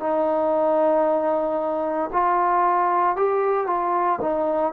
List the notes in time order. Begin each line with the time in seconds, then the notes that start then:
0.00 D#4
2.13 F4
3.17 G4
3.67 F4
4.22 D#4